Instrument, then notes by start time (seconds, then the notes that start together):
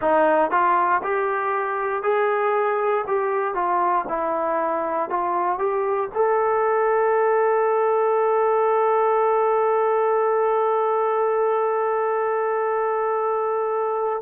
trombone
0.01 D#4
0.50 F4
1.03 G4
2.02 G#4
3.07 G4
3.54 F4
4.08 E4
5.09 F4
5.58 G4
6.14 A4